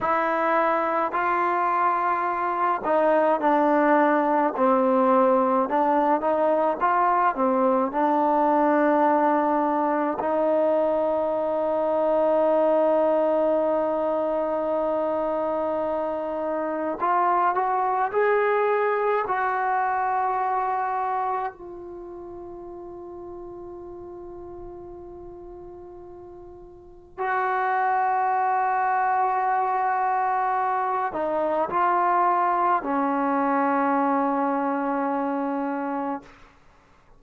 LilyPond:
\new Staff \with { instrumentName = "trombone" } { \time 4/4 \tempo 4 = 53 e'4 f'4. dis'8 d'4 | c'4 d'8 dis'8 f'8 c'8 d'4~ | d'4 dis'2.~ | dis'2. f'8 fis'8 |
gis'4 fis'2 f'4~ | f'1 | fis'2.~ fis'8 dis'8 | f'4 cis'2. | }